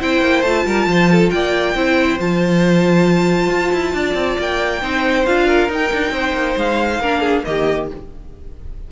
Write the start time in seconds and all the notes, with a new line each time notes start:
0.00 C4 E4 C5 G5
0.21 A#3
0.42 A3 F4 A5
0.65 G3 A#4
0.86 F3 C5
1.11 A4
1.30 A#3 D5 G5
1.75 C4 E4 C5
2.18 F3 F4 A5
3.50 F4
3.72 E4
3.93 D4 D5
4.14 C4
4.39 A#3 G5
4.81 C4 D#4 C5
5.26 D4 F4 F5
5.46 A#4
5.69 D#4 G5
5.93 D4
6.10 C4 C5
6.33 A#3
6.56 G#3 F5
6.99 A#3 D4 A#4
7.21 G#4
7.44 D#3 A#3 G4 D#5